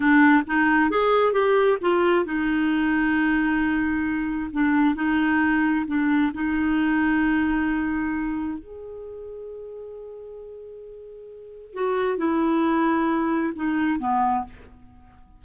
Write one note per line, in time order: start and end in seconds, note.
0.00 0.43 D4
0.46 0.90 D#4
0.90 1.32 G#4
1.32 1.78 G4
1.81 2.25 F4
2.25 4.50 D#4
4.53 4.95 D4
4.95 5.85 D#4
5.86 6.32 D4
6.34 8.58 D#4
8.58 11.73 G#4
11.73 12.17 F#4
12.17 13.53 E4
13.55 13.99 D#4
13.99 14.44 B3